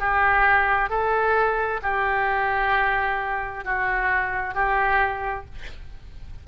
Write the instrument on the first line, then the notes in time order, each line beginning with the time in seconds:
oboe
0.00 G4
0.90 A4
1.83 G4
3.65 F#4
4.55 G4